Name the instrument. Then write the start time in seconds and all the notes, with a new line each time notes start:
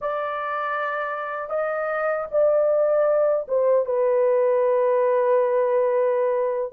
horn
0.01 D5
1.49 D#5
2.31 D5
3.48 C5
3.85 B4